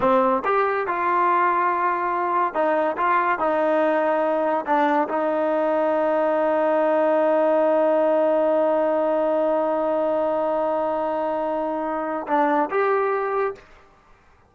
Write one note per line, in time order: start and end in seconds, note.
0.00 0.42 C4
0.44 0.87 G4
0.87 2.54 F4
2.54 2.96 D#4
2.97 3.38 F4
3.38 4.65 D#4
4.65 5.08 D4
5.08 12.27 D#4
12.27 12.69 D4
12.70 13.54 G4